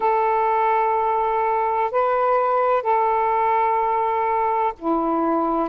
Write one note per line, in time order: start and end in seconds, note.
0.00 1.90 A4
1.91 2.82 B4
2.82 4.73 A4
4.79 5.69 E4